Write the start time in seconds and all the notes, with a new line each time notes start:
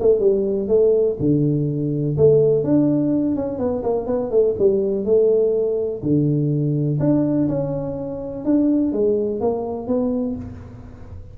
0.00 A3
0.19 G3
0.68 A3
1.19 D3
2.17 A3
2.63 D4
3.35 C#4
3.58 B3
3.83 A#3
4.06 B3
4.31 A3
4.59 G3
5.05 A3
6.02 D3
6.99 D4
7.48 C#4
8.45 D4
8.92 G#3
9.40 A#3
9.87 B3